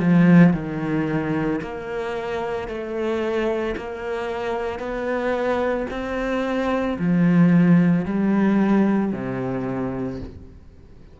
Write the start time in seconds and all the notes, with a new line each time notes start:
0.00 F3
0.54 D#3
1.62 A#3
2.68 A3
3.76 A#3
4.80 B3
5.91 C4
6.99 F3
8.06 G3
9.13 C3